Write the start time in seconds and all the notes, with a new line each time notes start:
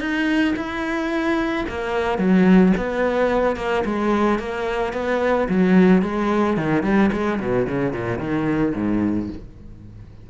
0.00 D#4
0.56 E4
1.69 A#3
2.18 F#3
2.77 B3
3.57 A#3
3.85 G#3
4.39 A#3
4.93 B3
5.49 F#3
6.02 G#3
6.57 D#3
6.83 G3
7.12 G#3
7.40 B2
7.68 C#3
7.93 A#2
8.19 D#3
8.75 G#2